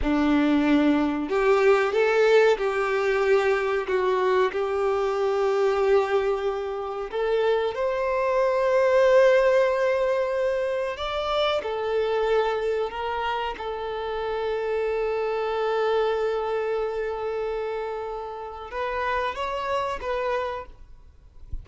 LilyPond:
\new Staff \with { instrumentName = "violin" } { \time 4/4 \tempo 4 = 93 d'2 g'4 a'4 | g'2 fis'4 g'4~ | g'2. a'4 | c''1~ |
c''4 d''4 a'2 | ais'4 a'2.~ | a'1~ | a'4 b'4 cis''4 b'4 | }